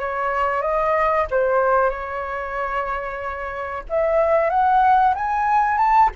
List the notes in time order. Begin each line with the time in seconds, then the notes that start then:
0.00 C#5
0.62 D#5
1.31 C5
1.90 C#5
3.90 E5
4.50 F#5
5.16 G#5
5.78 A5